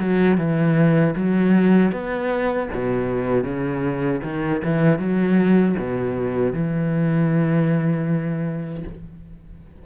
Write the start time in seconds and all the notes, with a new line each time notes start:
0.00 F#3
0.38 E3
1.16 F#3
1.92 B3
2.74 B2
3.44 C#3
4.24 D#3
4.64 E3
4.99 F#3
5.79 B2
6.53 E3